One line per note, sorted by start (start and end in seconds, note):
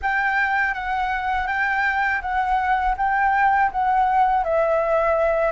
0.02 0.74 G5
0.74 1.47 F#5
1.47 2.21 G5
2.21 2.95 F#5
2.97 3.71 G5
3.71 4.44 F#5
4.44 5.52 E5